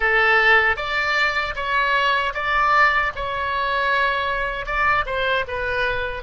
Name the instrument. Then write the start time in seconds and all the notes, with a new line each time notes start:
oboe
0.00 A4
0.76 D5
1.55 C#5
2.34 D5
3.15 C#5
4.65 D5
5.05 C5
5.47 B4